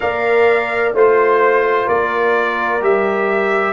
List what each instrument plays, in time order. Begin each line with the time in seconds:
0.00 tuba A#3, trombone A#4, horn D5, trumpet F5
0.93 tuba A3, trombone F4, horn C5, trumpet C5
1.86 tuba A#3, horn A#4, trumpet D5
2.80 tuba G3, trombone G4, trumpet E5